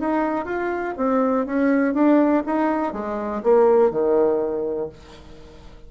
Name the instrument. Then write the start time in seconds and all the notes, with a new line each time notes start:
bassoon
0.00 D#4
0.46 F4
0.97 C4
1.46 C#4
1.94 D4
2.46 D#4
2.93 G#3
3.44 A#3
3.91 D#3